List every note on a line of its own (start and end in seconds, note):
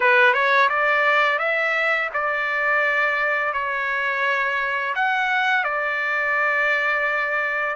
0.00 0.33 B4
0.33 0.69 C#5
0.69 1.39 D5
1.39 2.09 E5
2.13 3.53 D5
3.53 4.94 C#5
4.95 5.63 F#5
5.63 7.75 D5